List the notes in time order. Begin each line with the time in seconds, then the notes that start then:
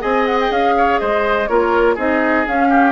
0.00 C4 G#4 D#5 G#5
0.26 F#5
0.40 G5
0.50 C#4 F5
0.77 C#5
0.99 G#3 C5 D#5
1.47 A#3 F4 A#4 C#5
1.95 C4 D#4 G#4 D#5
2.46 C#4 F5
2.69 G4